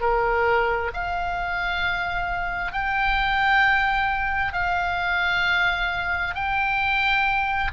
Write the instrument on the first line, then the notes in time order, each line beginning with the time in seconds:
oboe
0.00 A#4
0.93 F5
2.72 G5
4.53 F5
6.35 G5